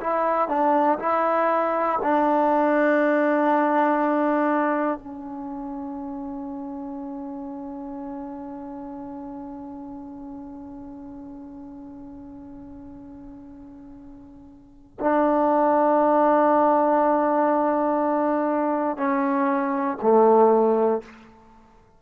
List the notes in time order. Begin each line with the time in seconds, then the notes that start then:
0.00 E4
0.48 D4
0.99 E4
2.02 D4
4.98 C#4
15.00 D4
18.97 C#4
20.02 A3